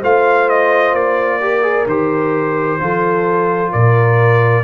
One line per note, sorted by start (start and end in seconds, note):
0.00 0.93 A3
0.00 1.41 F4
0.00 1.38 C5
0.00 0.49 F5
0.49 0.95 D#5
0.93 1.86 A#3
0.93 1.87 D5
1.41 1.62 G4
1.41 2.81 A#4
1.62 1.85 G#4
1.86 2.79 D#3
1.86 2.80 G4
1.86 3.72 C5
2.80 3.73 F3
2.80 4.64 F4
2.80 3.72 A4
3.72 4.64 A#2
3.72 4.64 A#4
3.72 4.64 D5